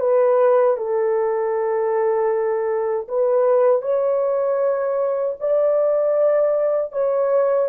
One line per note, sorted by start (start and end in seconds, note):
0.00 0.77 B4
0.77 3.08 A4
3.08 3.82 B4
3.82 5.36 C#5
5.40 6.92 D5
6.92 7.69 C#5